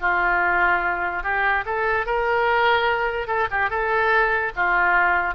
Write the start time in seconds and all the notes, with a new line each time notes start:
0.00 F4
1.23 G4
1.65 A4
2.05 A#4
3.27 A4
3.50 G4
3.69 A4
4.56 F4